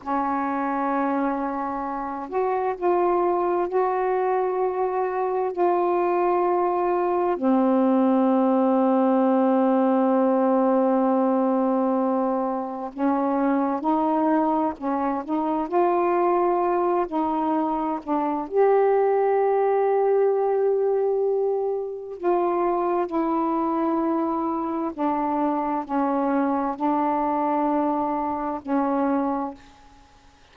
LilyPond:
\new Staff \with { instrumentName = "saxophone" } { \time 4/4 \tempo 4 = 65 cis'2~ cis'8 fis'8 f'4 | fis'2 f'2 | c'1~ | c'2 cis'4 dis'4 |
cis'8 dis'8 f'4. dis'4 d'8 | g'1 | f'4 e'2 d'4 | cis'4 d'2 cis'4 | }